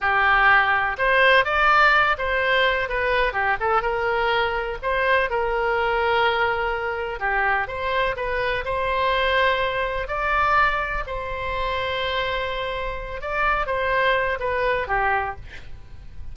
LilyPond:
\new Staff \with { instrumentName = "oboe" } { \time 4/4 \tempo 4 = 125 g'2 c''4 d''4~ | d''8 c''4. b'4 g'8 a'8 | ais'2 c''4 ais'4~ | ais'2. g'4 |
c''4 b'4 c''2~ | c''4 d''2 c''4~ | c''2.~ c''8 d''8~ | d''8 c''4. b'4 g'4 | }